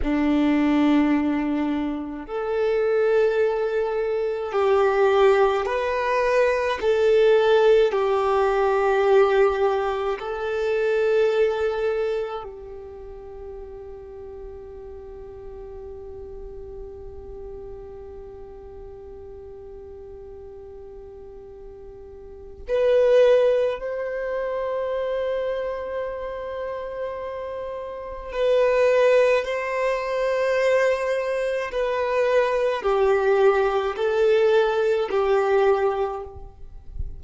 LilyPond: \new Staff \with { instrumentName = "violin" } { \time 4/4 \tempo 4 = 53 d'2 a'2 | g'4 b'4 a'4 g'4~ | g'4 a'2 g'4~ | g'1~ |
g'1 | b'4 c''2.~ | c''4 b'4 c''2 | b'4 g'4 a'4 g'4 | }